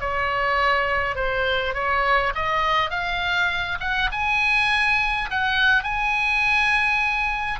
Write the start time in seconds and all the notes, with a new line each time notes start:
0.00 C#5
1.15 C5
1.74 C#5
2.35 D#5
2.90 F5
3.80 F#5
4.12 G#5
5.30 F#5
5.83 G#5